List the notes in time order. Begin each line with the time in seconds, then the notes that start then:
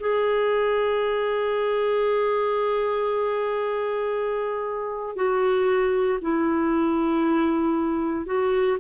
0.00 G#4
5.16 F#4
6.22 E4
8.27 F#4